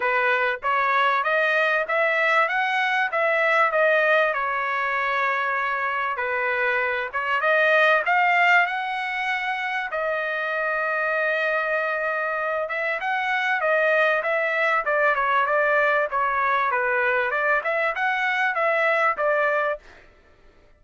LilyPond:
\new Staff \with { instrumentName = "trumpet" } { \time 4/4 \tempo 4 = 97 b'4 cis''4 dis''4 e''4 | fis''4 e''4 dis''4 cis''4~ | cis''2 b'4. cis''8 | dis''4 f''4 fis''2 |
dis''1~ | dis''8 e''8 fis''4 dis''4 e''4 | d''8 cis''8 d''4 cis''4 b'4 | d''8 e''8 fis''4 e''4 d''4 | }